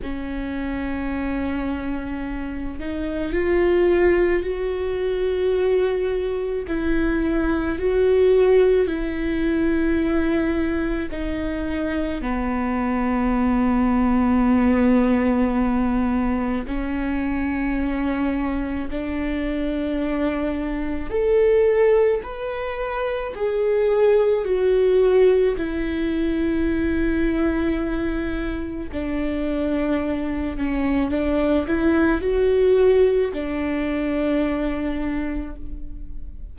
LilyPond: \new Staff \with { instrumentName = "viola" } { \time 4/4 \tempo 4 = 54 cis'2~ cis'8 dis'8 f'4 | fis'2 e'4 fis'4 | e'2 dis'4 b4~ | b2. cis'4~ |
cis'4 d'2 a'4 | b'4 gis'4 fis'4 e'4~ | e'2 d'4. cis'8 | d'8 e'8 fis'4 d'2 | }